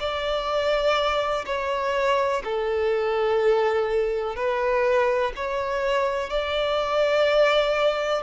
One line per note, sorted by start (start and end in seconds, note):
0.00 1.45 D5
1.46 2.43 C#5
2.45 4.36 A4
4.36 5.33 B4
5.36 6.30 C#5
6.30 8.23 D5